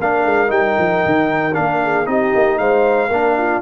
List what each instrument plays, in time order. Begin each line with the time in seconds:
0.00 tuba A#3, trombone D4, horn A#4, trumpet F5
0.25 tuba G#3
0.48 tuba G3, trombone D#4, trumpet G5
0.78 tuba F3
1.06 tuba D#3
1.54 tuba A#3, trombone D4, trumpet F5
1.83 horn G#4
2.05 tuba C4, trombone D#4, horn G4, trumpet D#5
2.35 tuba A#3
2.58 tuba G#3, horn C5, trumpet F5
3.08 tuba A#3, trombone D4, horn A#4
3.38 horn F4